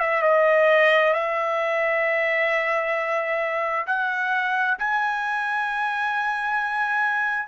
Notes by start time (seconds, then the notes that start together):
0.00 E5
0.22 D#5
1.13 E5
3.87 F#5
4.79 G#5